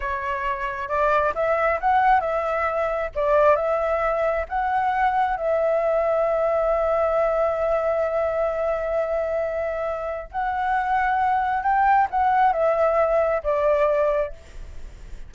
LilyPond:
\new Staff \with { instrumentName = "flute" } { \time 4/4 \tempo 4 = 134 cis''2 d''4 e''4 | fis''4 e''2 d''4 | e''2 fis''2 | e''1~ |
e''1~ | e''2. fis''4~ | fis''2 g''4 fis''4 | e''2 d''2 | }